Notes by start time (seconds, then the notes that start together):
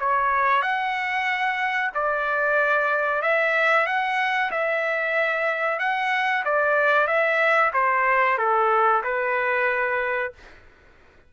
0.00 C#5
0.62 F#5
1.95 D5
3.23 E5
3.87 F#5
4.52 E5
5.80 F#5
6.45 D5
7.08 E5
7.74 C5
8.39 A4
9.04 B4